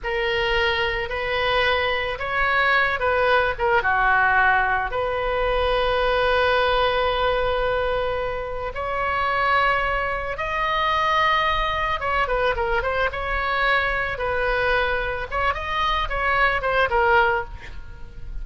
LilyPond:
\new Staff \with { instrumentName = "oboe" } { \time 4/4 \tempo 4 = 110 ais'2 b'2 | cis''4. b'4 ais'8 fis'4~ | fis'4 b'2.~ | b'1 |
cis''2. dis''4~ | dis''2 cis''8 b'8 ais'8 c''8 | cis''2 b'2 | cis''8 dis''4 cis''4 c''8 ais'4 | }